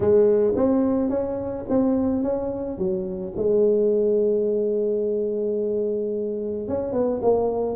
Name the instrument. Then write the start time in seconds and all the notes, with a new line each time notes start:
tuba
0.00 G#3
0.55 C4
1.09 C#4
1.69 C4
2.22 C#4
2.78 F#3
3.36 G#3
6.68 C#4
6.92 B3
7.21 A#3